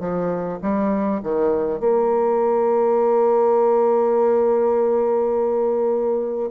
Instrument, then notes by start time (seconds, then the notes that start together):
bassoon
0.00 F3
0.63 G3
1.24 D#3
1.80 A#3